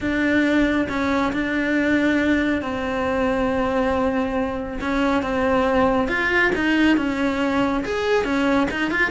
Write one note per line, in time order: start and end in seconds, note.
0.00 0.87 D4
0.88 1.32 C#4
1.33 2.61 D4
2.61 4.79 C4
4.80 5.22 C#4
5.22 6.08 C4
6.08 6.51 F4
6.55 6.96 D#4
6.96 7.83 C#4
7.84 8.24 G#4
8.24 8.67 C#4
8.71 8.90 D#4
8.90 9.10 F4